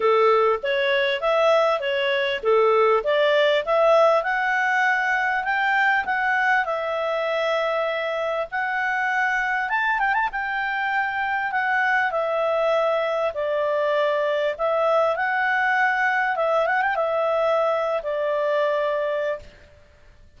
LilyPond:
\new Staff \with { instrumentName = "clarinet" } { \time 4/4 \tempo 4 = 99 a'4 cis''4 e''4 cis''4 | a'4 d''4 e''4 fis''4~ | fis''4 g''4 fis''4 e''4~ | e''2 fis''2 |
a''8 g''16 a''16 g''2 fis''4 | e''2 d''2 | e''4 fis''2 e''8 fis''16 g''16 | e''4.~ e''16 d''2~ d''16 | }